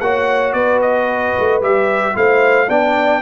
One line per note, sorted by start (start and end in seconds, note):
0.00 0.53 A#3
0.00 1.61 F#4
0.00 0.54 C#5
0.00 0.53 F#5
0.53 1.33 B3
0.53 2.15 B4
0.53 0.79 D5
0.81 1.61 D#5
1.38 1.61 A3
1.61 2.15 G3
1.61 2.14 G4
1.61 2.16 E5
2.14 2.68 A3
2.14 2.68 E4
2.14 2.68 C5
2.14 2.69 F5
2.68 3.21 B3
2.68 3.21 D4
2.68 3.21 D5
2.68 3.21 G5